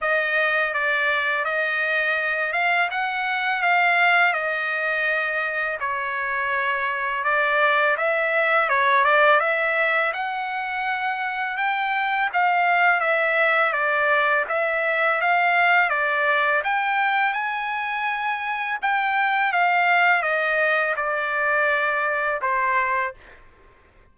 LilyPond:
\new Staff \with { instrumentName = "trumpet" } { \time 4/4 \tempo 4 = 83 dis''4 d''4 dis''4. f''8 | fis''4 f''4 dis''2 | cis''2 d''4 e''4 | cis''8 d''8 e''4 fis''2 |
g''4 f''4 e''4 d''4 | e''4 f''4 d''4 g''4 | gis''2 g''4 f''4 | dis''4 d''2 c''4 | }